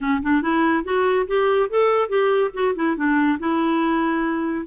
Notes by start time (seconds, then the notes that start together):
0.00 C#4
0.22 D4
0.42 E4
0.84 F#4
1.27 G4
1.69 A4
2.08 G4
2.53 F#4
2.75 E4
2.96 D4
3.39 E4